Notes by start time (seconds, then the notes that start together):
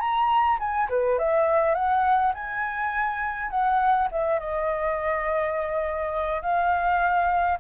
0.00 A#5
0.59 G#5
0.90 B4
1.19 E5
1.75 F#5
2.35 G#5
3.50 F#5
4.12 E5
4.40 D#5
6.42 F5